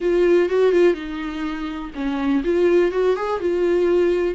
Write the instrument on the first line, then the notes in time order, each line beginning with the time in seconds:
viola
0.00 F4
0.49 F#4
0.72 F4
0.93 D#4
1.94 C#4
2.44 F4
2.91 F#4
3.16 G#4
3.40 F4